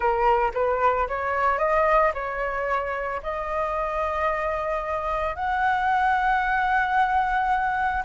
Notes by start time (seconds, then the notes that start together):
0.00 A#4
0.54 B4
1.08 C#5
1.58 D#5
2.14 C#5
3.22 D#5
5.35 F#5